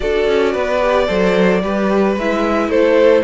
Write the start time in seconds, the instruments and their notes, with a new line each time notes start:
0.00 cello D4, viola F#4, violin A4 D5
0.27 cello C#4
0.52 cello B3, violin B4
0.81 viola G4
1.07 cello F#3, viola A4, violin C5
1.63 cello G3, viola G4, violin B4
2.16 cello G#3, viola E4, violin E5
2.68 cello A3, violin A4 C5